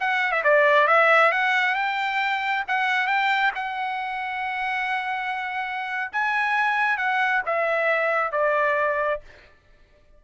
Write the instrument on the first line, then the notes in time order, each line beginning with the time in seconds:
trumpet
0.00 F#5
0.32 E5
0.44 D5
0.87 E5
1.32 F#5
1.75 G5
2.68 F#5
3.07 G5
3.55 F#5
6.12 G#5
6.97 F#5
7.46 E5
8.32 D5